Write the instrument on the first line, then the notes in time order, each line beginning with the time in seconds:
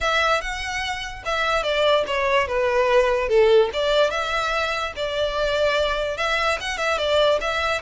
violin
0.01 E5
0.41 F#5
1.25 E5
1.63 D5
2.06 C#5
2.47 B4
3.28 A4
3.73 D5
4.10 E5
4.96 D5
6.17 E5
6.60 F#5
6.77 E5
6.98 D5
7.40 E5